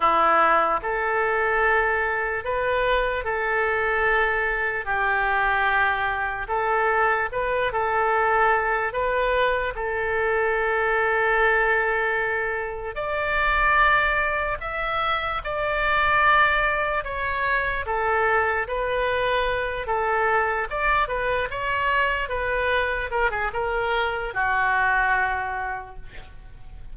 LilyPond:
\new Staff \with { instrumentName = "oboe" } { \time 4/4 \tempo 4 = 74 e'4 a'2 b'4 | a'2 g'2 | a'4 b'8 a'4. b'4 | a'1 |
d''2 e''4 d''4~ | d''4 cis''4 a'4 b'4~ | b'8 a'4 d''8 b'8 cis''4 b'8~ | b'8 ais'16 gis'16 ais'4 fis'2 | }